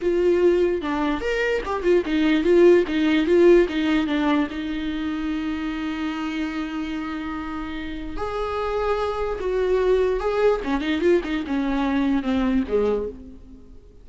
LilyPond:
\new Staff \with { instrumentName = "viola" } { \time 4/4 \tempo 4 = 147 f'2 d'4 ais'4 | g'8 f'8 dis'4 f'4 dis'4 | f'4 dis'4 d'4 dis'4~ | dis'1~ |
dis'1 | gis'2. fis'4~ | fis'4 gis'4 cis'8 dis'8 f'8 dis'8 | cis'2 c'4 gis4 | }